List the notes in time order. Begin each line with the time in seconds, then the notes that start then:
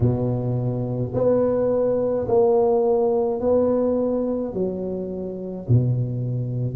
0.00 B2
1.13 B3
2.27 A#3
3.40 B3
4.53 F#3
5.68 B2